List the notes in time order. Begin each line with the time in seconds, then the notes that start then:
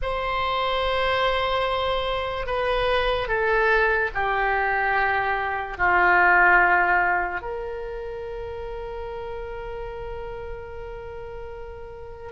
0.01 C5
2.46 B4
3.28 A4
4.14 G4
5.77 F4
7.41 A#4